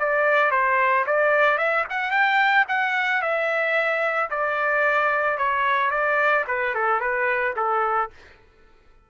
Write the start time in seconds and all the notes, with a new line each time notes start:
0.00 D5
0.52 C5
1.07 D5
1.58 E5
1.90 F#5
2.11 G5
2.69 F#5
3.22 E5
4.31 D5
5.38 C#5
5.91 D5
6.48 B4
6.75 A4
7.01 B4
7.57 A4